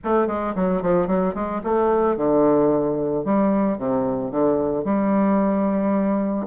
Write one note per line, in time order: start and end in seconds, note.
0.03 0.27 A3
0.27 0.54 G#3
0.55 0.82 F#3
0.82 1.07 F3
1.07 1.34 F#3
1.34 1.61 G#3
1.63 2.16 A3
2.16 3.24 D3
3.24 3.78 G3
3.78 4.31 C3
4.31 4.84 D3
4.84 6.46 G3